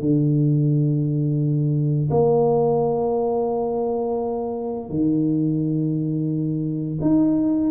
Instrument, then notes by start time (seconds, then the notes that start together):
tuba
0.00 D3
2.11 A#3
4.90 D#3
7.01 D#4